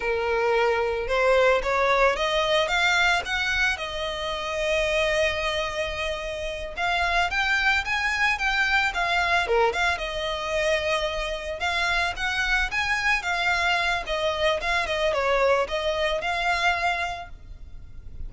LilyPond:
\new Staff \with { instrumentName = "violin" } { \time 4/4 \tempo 4 = 111 ais'2 c''4 cis''4 | dis''4 f''4 fis''4 dis''4~ | dis''1~ | dis''8 f''4 g''4 gis''4 g''8~ |
g''8 f''4 ais'8 f''8 dis''4.~ | dis''4. f''4 fis''4 gis''8~ | gis''8 f''4. dis''4 f''8 dis''8 | cis''4 dis''4 f''2 | }